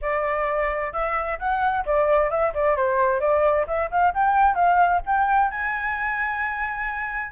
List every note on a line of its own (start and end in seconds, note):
0.01 0.92 D5
0.92 1.38 E5
1.39 1.84 F#5
1.85 2.30 D5
2.30 2.53 E5
2.54 2.76 D5
2.76 3.20 C5
3.20 3.66 D5
3.67 3.90 E5
3.90 4.13 F5
4.13 4.54 G5
4.54 5.00 F5
5.06 5.50 G5
5.50 7.31 G#5